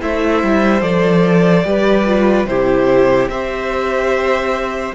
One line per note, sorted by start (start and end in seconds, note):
0.00 0.43 A3
0.00 0.82 E4
0.00 1.66 C5
0.00 0.81 E5
0.43 0.82 G3
0.81 1.64 F3
0.81 1.64 A4
0.81 2.46 D5
1.64 2.45 G3
1.64 2.05 G4
1.64 2.49 B4
2.05 2.46 F4
2.45 3.27 C3
2.45 3.30 E4
2.45 3.31 G4
2.45 3.29 C5
3.27 4.91 C4
3.27 4.95 G4
3.27 4.95 C5
3.27 4.94 E5